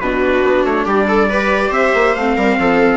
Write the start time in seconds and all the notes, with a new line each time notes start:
0.00 B2 D4 F#4 B4
0.43 B3
0.64 A3 C#5
0.85 G3 G4 D5
1.08 A4
1.29 G4 B4
1.70 C4 C5 E5
1.94 A#3
2.15 A3 C4 F5
2.37 G3 A#4
2.59 F3 A4